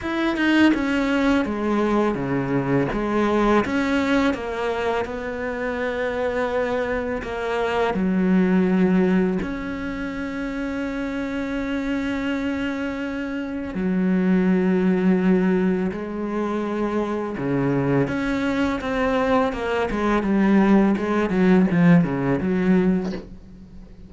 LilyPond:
\new Staff \with { instrumentName = "cello" } { \time 4/4 \tempo 4 = 83 e'8 dis'8 cis'4 gis4 cis4 | gis4 cis'4 ais4 b4~ | b2 ais4 fis4~ | fis4 cis'2.~ |
cis'2. fis4~ | fis2 gis2 | cis4 cis'4 c'4 ais8 gis8 | g4 gis8 fis8 f8 cis8 fis4 | }